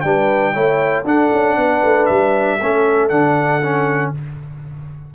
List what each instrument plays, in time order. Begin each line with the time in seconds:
0.00 tuba G3, trombone D4, horn B4, trumpet G5
0.53 tuba A3, trombone E4, horn C#5
1.04 tuba D4, trombone D4, horn A4, trumpet F#5
1.32 tuba C#4
1.56 tuba B3, horn B4
1.83 tuba A3
2.05 tuba G3, trumpet E5
2.59 tuba A3, trombone C#4, horn A4
3.09 tuba D3, trombone D4, trumpet F#5
3.63 trombone C#4